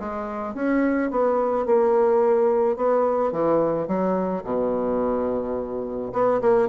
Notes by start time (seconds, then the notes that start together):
0.00 G#3
0.55 C#4
1.11 B3
1.66 A#3
2.77 B3
3.32 E3
3.88 F#3
4.45 B2
6.13 B3
6.42 A#3